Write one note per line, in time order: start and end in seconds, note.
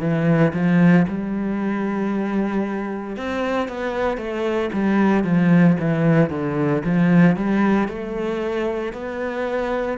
0.00 0.53 E3
0.54 1.06 F3
1.08 3.16 G3
3.16 3.68 C4
3.68 4.17 B3
4.17 4.70 A3
4.73 5.24 G3
5.24 5.77 F3
5.80 6.30 E3
6.30 6.82 D3
6.85 7.36 F3
7.36 7.88 G3
7.88 8.93 A3
8.93 9.98 B3